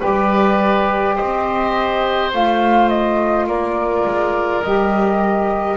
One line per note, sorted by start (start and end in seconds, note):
0.00 1.20 G3
0.00 2.31 G4
0.00 1.16 B4
0.00 1.16 D5
1.16 2.34 C4
1.16 3.46 C5
1.16 2.31 D#5
2.32 3.47 A3
2.32 4.63 F4
2.32 2.89 F5
2.89 3.47 D#5
3.47 4.05 A#3
3.47 5.78 A#4
3.47 4.63 D5
4.06 4.63 G#3
4.63 5.78 G3
4.63 5.78 G4
4.63 5.78 D#5